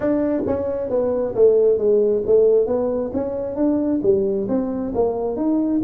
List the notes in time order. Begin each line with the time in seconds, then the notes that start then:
0.00 D4
0.46 C#4
0.89 B3
1.35 A3
1.78 G#3
2.26 A3
2.66 B3
3.13 C#4
3.55 D4
4.02 G3
4.48 C4
4.94 A#3
5.36 D#4